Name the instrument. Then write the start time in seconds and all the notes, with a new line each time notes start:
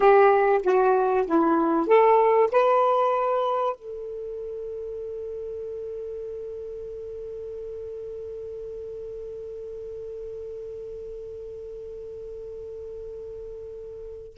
saxophone
0.00 G4
0.62 F#4
1.26 E4
1.87 A4
2.51 B4
3.75 A4